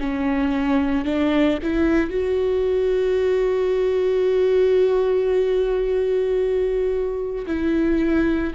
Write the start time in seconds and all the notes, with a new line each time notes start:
0.00 C#4
1.05 D4
1.63 E4
2.10 F#4
7.47 E4